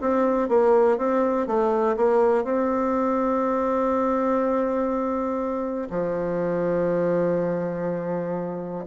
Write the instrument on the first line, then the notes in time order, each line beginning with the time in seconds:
bassoon
0.00 C4
0.48 A#3
0.97 C4
1.46 A3
1.96 A#3
2.44 C4
5.90 F3